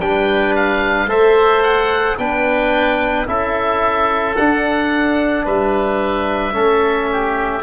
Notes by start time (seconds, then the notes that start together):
0.00 G3 D4 B4 G5
0.56 F5
1.07 A3 A4 C5 E5
1.63 F#5
2.18 B3 D4 B4 G5
3.27 C#4 E4 A4 E5
4.37 D4 F#5
5.45 G3 B4 E5
6.53 A3 C#4 A4
7.12 G4